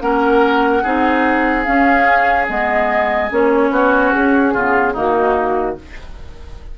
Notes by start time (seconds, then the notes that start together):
0.00 A#3 C#4 A#4 F#5
0.83 C4 D#4 G#4
1.63 C#4 F5
2.47 G#3 B3 D#5
3.30 A#3 C#4 C#5
3.70 B3 F#4
4.12 C#4 G#4
4.54 C#3 B3 F4
4.93 D#3 A#3 D#4 F#4